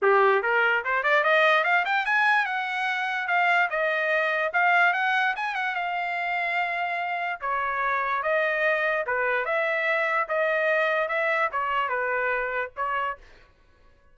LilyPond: \new Staff \with { instrumentName = "trumpet" } { \time 4/4 \tempo 4 = 146 g'4 ais'4 c''8 d''8 dis''4 | f''8 g''8 gis''4 fis''2 | f''4 dis''2 f''4 | fis''4 gis''8 fis''8 f''2~ |
f''2 cis''2 | dis''2 b'4 e''4~ | e''4 dis''2 e''4 | cis''4 b'2 cis''4 | }